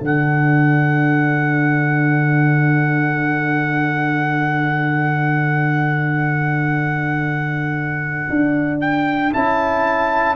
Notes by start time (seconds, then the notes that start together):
0.00 D3 D4 A4 F#5
8.30 D4
8.81 G5
9.33 C#4 E4 A5